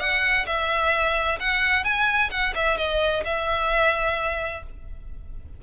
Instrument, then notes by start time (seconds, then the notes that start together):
violin
0.00 F#5
0.47 E5
1.40 F#5
1.84 G#5
2.31 F#5
2.55 E5
2.78 D#5
3.25 E5